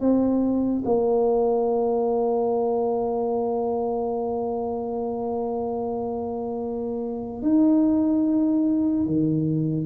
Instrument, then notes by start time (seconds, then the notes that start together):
tuba
0.00 C4
0.84 A#3
7.42 D#4
9.06 D#3